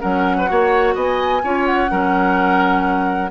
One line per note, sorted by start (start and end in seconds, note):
0.00 0.50 F#3
0.00 0.46 C#4
0.00 0.36 A#4
0.00 0.96 F#5
0.38 0.50 B4
0.46 0.95 A#3
0.46 1.40 F#4
0.46 0.95 C#5
0.95 1.43 B3
0.95 1.42 D#5
0.95 1.65 G#5
1.44 1.91 C#4
1.44 1.89 F4
1.44 1.91 C#5
1.65 3.31 F#5
1.89 3.31 F#3
1.89 3.30 C#4
1.89 3.31 A#4